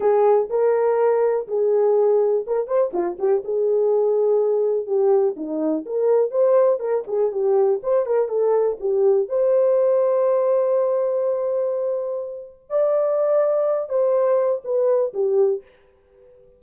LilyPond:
\new Staff \with { instrumentName = "horn" } { \time 4/4 \tempo 4 = 123 gis'4 ais'2 gis'4~ | gis'4 ais'8 c''8 f'8 g'8 gis'4~ | gis'2 g'4 dis'4 | ais'4 c''4 ais'8 gis'8 g'4 |
c''8 ais'8 a'4 g'4 c''4~ | c''1~ | c''2 d''2~ | d''8 c''4. b'4 g'4 | }